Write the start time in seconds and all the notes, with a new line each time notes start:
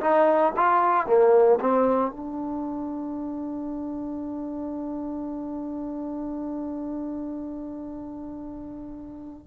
0.00 D#4
0.56 F4
1.06 A#3
1.60 C4
2.11 D4